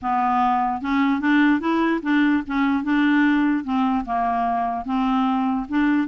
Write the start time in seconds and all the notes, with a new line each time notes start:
0.01 B3
0.81 C#4
1.20 D4
1.60 E4
2.02 D4
2.46 C#4
2.83 D4
3.64 C4
4.05 A#3
4.85 C4
5.68 D4